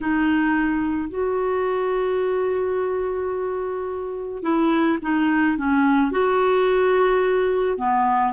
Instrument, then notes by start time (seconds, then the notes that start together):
clarinet
0.00 D#4
1.09 F#4
4.42 E4
5.02 D#4
5.57 C#4
6.11 F#4
7.77 B3